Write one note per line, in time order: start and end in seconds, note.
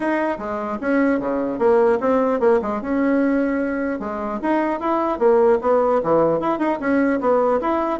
0.00 0.38 D#4
0.38 0.78 G#3
0.80 1.19 C#4
1.19 1.58 C#3
1.58 1.98 A#3
2.00 2.39 C4
2.39 2.59 A#3
2.62 2.81 G#3
2.81 3.99 C#4
3.99 4.39 G#3
4.41 4.79 D#4
4.79 5.18 E4
5.18 5.58 A#3
5.61 6.01 B3
6.03 6.39 E3
6.39 6.59 E4
6.59 6.79 D#4
6.79 7.19 C#4
7.20 7.60 B3
7.61 7.99 E4